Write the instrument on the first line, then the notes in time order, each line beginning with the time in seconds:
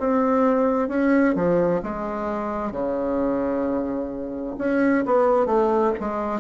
bassoon
0.00 C4
0.89 C#4
1.36 F3
1.83 G#3
2.72 C#3
4.59 C#4
5.06 B3
5.47 A3
6.00 G#3